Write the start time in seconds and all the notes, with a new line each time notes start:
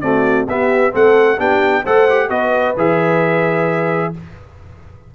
0.00 A3 C4 F#4 D5
0.48 B3 G4 E5
0.91 A3 C4 A4 F#5
1.38 B3 D4 G4 G5
1.84 A3 A4 C5 F#5
2.09 G4
2.29 B3 F#4 B4 D#5
2.77 E3 G#4 E5